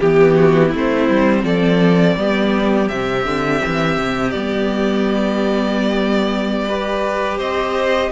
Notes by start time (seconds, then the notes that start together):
0.00 E3 B3 G4
0.36 F#4
0.69 C4 E4
0.75 A3 C5
1.10 G3
1.44 F3 A4 D5
2.17 G3 B3 G4
2.89 C3 C4 E5
3.26 D3
3.66 E3
3.98 C3
4.31 G3 B3 D5
6.69 G4 B4
7.39 C4 C5 D#5